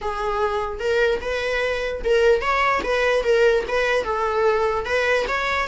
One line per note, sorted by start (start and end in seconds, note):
0.01 0.79 G#4
0.79 1.20 A#4
1.21 2.02 B4
2.04 2.41 A#4
2.41 2.81 C#5
2.83 3.23 B4
3.23 3.64 A#4
3.67 4.04 B4
4.04 4.85 A4
4.85 5.26 B4
5.28 5.67 C#5